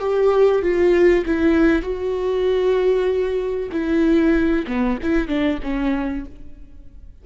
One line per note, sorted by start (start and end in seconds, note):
0.00 0.62 G4
0.62 1.25 F4
1.26 1.82 E4
1.82 3.70 F#4
3.72 4.66 E4
4.67 4.99 B3
5.03 5.28 E4
5.28 5.59 D4
5.63 6.26 C#4